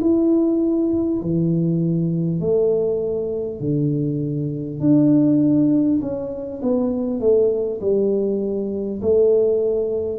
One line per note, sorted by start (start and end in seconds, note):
0.00 1.20 E4
1.21 2.40 E3
2.40 3.59 A3
3.59 4.79 D3
4.80 6.00 D4
6.01 6.61 C#4
6.62 7.20 B3
7.20 7.80 A3
7.81 9.01 G3
9.01 10.18 A3